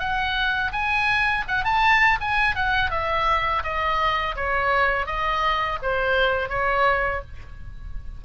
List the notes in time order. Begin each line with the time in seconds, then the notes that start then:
0.00 F#5
0.73 G#5
1.48 F#5
1.65 A5
2.21 G#5
2.56 F#5
2.91 E5
3.64 D#5
4.36 C#5
5.07 D#5
5.83 C5
6.50 C#5